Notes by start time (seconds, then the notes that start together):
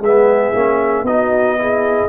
0.00 G#3 B3 G#4 E5
0.55 A#3 C#4
1.03 B3 D#4 F#4 D#5
1.58 E4 G#4